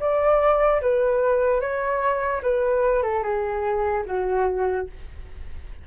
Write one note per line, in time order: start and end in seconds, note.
0.00 0.81 D5
0.81 1.61 B4
1.61 2.42 C#5
2.43 3.03 B4
3.03 3.23 A4
3.23 4.04 G#4
4.06 4.87 F#4